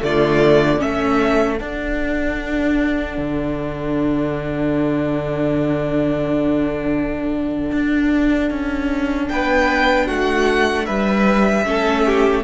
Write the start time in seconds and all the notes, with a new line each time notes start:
0.00 D3 A3 F4 D5
0.79 A3 C#4 A4 E5
1.57 D4 F#5
3.17 D3
7.72 D4
8.50 C#4
9.29 B3 B4 G5
10.06 A3 F#4 F#5
10.85 G3 B4 E5
11.65 A3 C#4 A4
12.05 G4